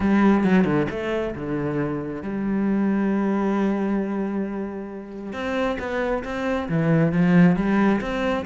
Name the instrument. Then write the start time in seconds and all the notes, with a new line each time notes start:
cello
0.00 G3
0.44 F#3
0.64 D3
0.90 A3
1.35 D3
2.22 G3
5.33 C4
5.79 B3
6.24 C4
6.68 E3
7.12 F3
7.56 G3
8.00 C4